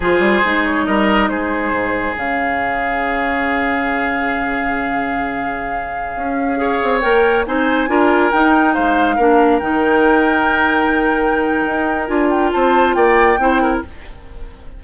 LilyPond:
<<
  \new Staff \with { instrumentName = "flute" } { \time 4/4 \tempo 4 = 139 c''4. cis''8 dis''4 c''4~ | c''4 f''2.~ | f''1~ | f''1~ |
f''16 g''4 gis''2 g''8.~ | g''16 f''2 g''4.~ g''16~ | g''1 | gis''8 g''8 a''4 g''2 | }
  \new Staff \with { instrumentName = "oboe" } { \time 4/4 gis'2 ais'4 gis'4~ | gis'1~ | gis'1~ | gis'2.~ gis'16 cis''8.~ |
cis''4~ cis''16 c''4 ais'4.~ ais'16~ | ais'16 c''4 ais'2~ ais'8.~ | ais'1~ | ais'4 c''4 d''4 c''8 ais'8 | }
  \new Staff \with { instrumentName = "clarinet" } { \time 4/4 f'4 dis'2.~ | dis'4 cis'2.~ | cis'1~ | cis'2.~ cis'16 gis'8.~ |
gis'16 ais'4 dis'4 f'4 dis'8.~ | dis'4~ dis'16 d'4 dis'4.~ dis'16~ | dis'1 | f'2. e'4 | }
  \new Staff \with { instrumentName = "bassoon" } { \time 4/4 f8 g8 gis4 g4 gis4 | gis,4 cis2.~ | cis1~ | cis2~ cis16 cis'4. c'16~ |
c'16 ais4 c'4 d'4 dis'8.~ | dis'16 gis4 ais4 dis4.~ dis16~ | dis2. dis'4 | d'4 c'4 ais4 c'4 | }
>>